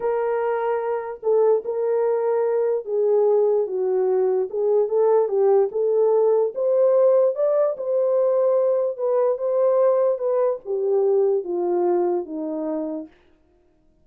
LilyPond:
\new Staff \with { instrumentName = "horn" } { \time 4/4 \tempo 4 = 147 ais'2. a'4 | ais'2. gis'4~ | gis'4 fis'2 gis'4 | a'4 g'4 a'2 |
c''2 d''4 c''4~ | c''2 b'4 c''4~ | c''4 b'4 g'2 | f'2 dis'2 | }